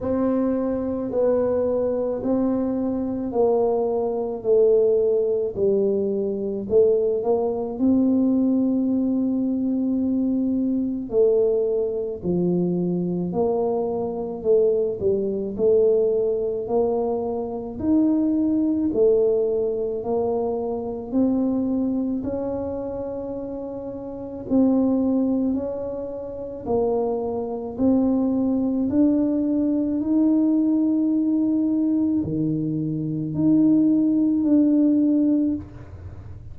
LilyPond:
\new Staff \with { instrumentName = "tuba" } { \time 4/4 \tempo 4 = 54 c'4 b4 c'4 ais4 | a4 g4 a8 ais8 c'4~ | c'2 a4 f4 | ais4 a8 g8 a4 ais4 |
dis'4 a4 ais4 c'4 | cis'2 c'4 cis'4 | ais4 c'4 d'4 dis'4~ | dis'4 dis4 dis'4 d'4 | }